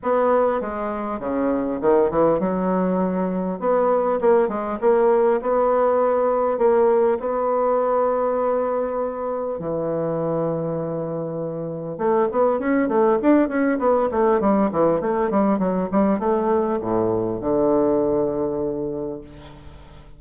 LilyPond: \new Staff \with { instrumentName = "bassoon" } { \time 4/4 \tempo 4 = 100 b4 gis4 cis4 dis8 e8 | fis2 b4 ais8 gis8 | ais4 b2 ais4 | b1 |
e1 | a8 b8 cis'8 a8 d'8 cis'8 b8 a8 | g8 e8 a8 g8 fis8 g8 a4 | a,4 d2. | }